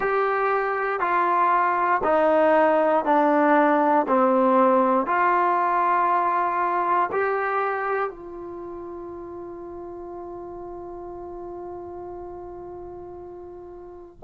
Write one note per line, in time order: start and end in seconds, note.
0.00 0.99 G4
0.99 2.01 F4
2.03 3.04 D#4
3.04 4.06 D4
4.07 5.06 C4
5.06 7.10 F4
7.12 8.09 G4
8.09 14.20 F4